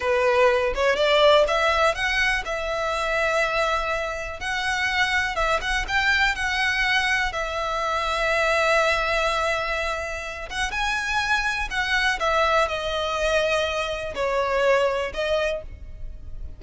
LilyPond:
\new Staff \with { instrumentName = "violin" } { \time 4/4 \tempo 4 = 123 b'4. cis''8 d''4 e''4 | fis''4 e''2.~ | e''4 fis''2 e''8 fis''8 | g''4 fis''2 e''4~ |
e''1~ | e''4. fis''8 gis''2 | fis''4 e''4 dis''2~ | dis''4 cis''2 dis''4 | }